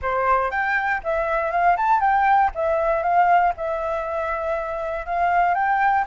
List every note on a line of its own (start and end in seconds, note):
0.02 0.50 C5
0.50 1.01 G5
1.03 1.51 E5
1.51 1.76 F5
1.76 2.00 A5
2.00 2.50 G5
2.54 3.02 E5
3.02 3.53 F5
3.56 5.06 E5
5.06 5.54 F5
5.54 6.04 G5